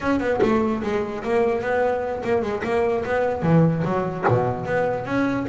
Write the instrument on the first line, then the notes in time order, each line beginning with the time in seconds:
double bass
0.00 C#4
0.20 B3
0.42 A3
0.82 G#3
1.23 A#3
1.61 B3
2.23 A#3
2.42 G#3
2.63 A#3
3.04 B3
3.42 E3
3.84 F#3
4.28 B2
4.65 B3
5.05 C#4